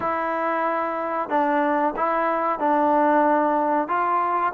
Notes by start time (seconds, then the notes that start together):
0.00 E4
1.29 D4
1.96 E4
2.59 D4
3.88 F4